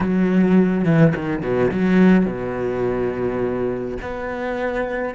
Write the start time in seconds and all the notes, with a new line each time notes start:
0.00 F#3
0.84 E3
1.15 D#3
1.42 B2
1.71 F#3
2.26 B2
4.01 B3